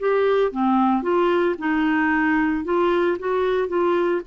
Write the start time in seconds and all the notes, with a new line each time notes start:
0.00 G4
0.52 C4
1.03 F4
1.59 D#4
2.65 F4
3.19 F#4
3.68 F4